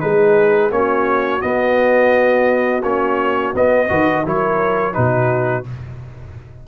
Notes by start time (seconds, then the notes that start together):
0.00 G#3 D#4 G#4 B4
0.71 A#3 C#4 F#4 C#5
1.41 B3 D#5
2.83 A#3 C#4 C#5
3.54 B3 D#5
3.89 D#3 F#4 B4
4.24 F#3 E4 A#4 C#5
4.93 B2 D#4 F#4 B4